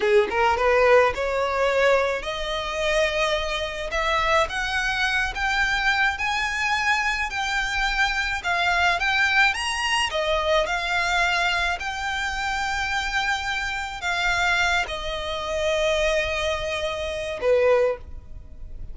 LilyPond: \new Staff \with { instrumentName = "violin" } { \time 4/4 \tempo 4 = 107 gis'8 ais'8 b'4 cis''2 | dis''2. e''4 | fis''4. g''4. gis''4~ | gis''4 g''2 f''4 |
g''4 ais''4 dis''4 f''4~ | f''4 g''2.~ | g''4 f''4. dis''4.~ | dis''2. b'4 | }